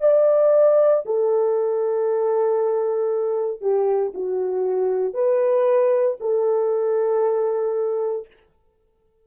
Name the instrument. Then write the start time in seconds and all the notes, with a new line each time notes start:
horn
0.00 D5
1.05 A4
3.61 G4
4.14 F#4
5.13 B4
6.20 A4